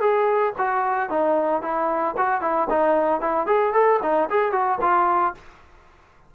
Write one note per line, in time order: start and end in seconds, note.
0.00 0.53 G#4
0.58 1.09 F#4
1.09 1.62 D#4
1.62 2.15 E4
2.17 2.41 F#4
2.41 2.68 E4
2.70 3.21 D#4
3.21 3.46 E4
3.46 3.73 G#4
3.73 4.00 A4
4.02 4.29 D#4
4.30 4.52 G#4
4.52 4.78 F#4
4.81 5.34 F4